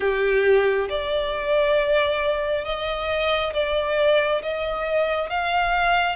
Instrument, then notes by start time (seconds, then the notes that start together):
violin
0.00 G4
0.89 D5
2.65 D#5
3.53 D5
4.42 D#5
5.29 F5